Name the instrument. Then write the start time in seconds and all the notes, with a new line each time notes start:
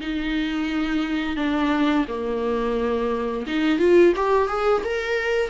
viola
0.00 D#4
1.36 D4
2.08 A#3
3.46 D#4
3.79 F4
4.16 G4
4.48 G#4
4.84 A#4